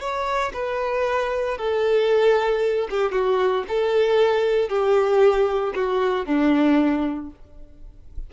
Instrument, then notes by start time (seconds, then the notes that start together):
violin
0.00 C#5
0.53 B4
1.57 A4
2.90 G4
3.12 F#4
3.68 A4
4.69 G4
5.75 F#4
6.25 D4